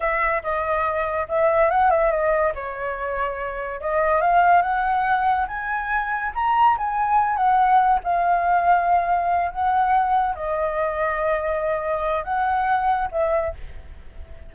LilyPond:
\new Staff \with { instrumentName = "flute" } { \time 4/4 \tempo 4 = 142 e''4 dis''2 e''4 | fis''8 e''8 dis''4 cis''2~ | cis''4 dis''4 f''4 fis''4~ | fis''4 gis''2 ais''4 |
gis''4. fis''4. f''4~ | f''2~ f''8 fis''4.~ | fis''8 dis''2.~ dis''8~ | dis''4 fis''2 e''4 | }